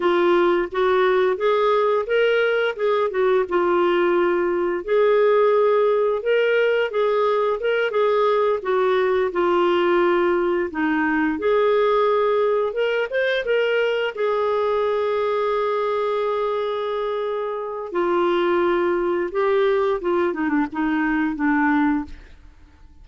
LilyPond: \new Staff \with { instrumentName = "clarinet" } { \time 4/4 \tempo 4 = 87 f'4 fis'4 gis'4 ais'4 | gis'8 fis'8 f'2 gis'4~ | gis'4 ais'4 gis'4 ais'8 gis'8~ | gis'8 fis'4 f'2 dis'8~ |
dis'8 gis'2 ais'8 c''8 ais'8~ | ais'8 gis'2.~ gis'8~ | gis'2 f'2 | g'4 f'8 dis'16 d'16 dis'4 d'4 | }